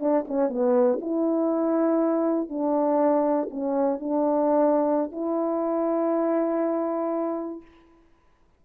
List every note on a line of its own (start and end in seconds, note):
0.00 0.25 D4
0.28 0.49 C#4
0.49 0.99 B3
1.01 2.49 E4
2.49 3.49 D4
3.50 4.00 C#4
4.00 5.12 D4
5.12 7.62 E4